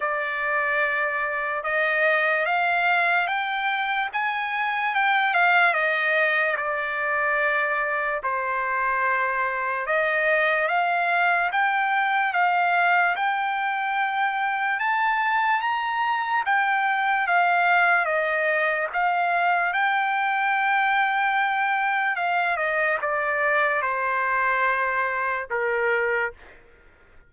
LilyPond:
\new Staff \with { instrumentName = "trumpet" } { \time 4/4 \tempo 4 = 73 d''2 dis''4 f''4 | g''4 gis''4 g''8 f''8 dis''4 | d''2 c''2 | dis''4 f''4 g''4 f''4 |
g''2 a''4 ais''4 | g''4 f''4 dis''4 f''4 | g''2. f''8 dis''8 | d''4 c''2 ais'4 | }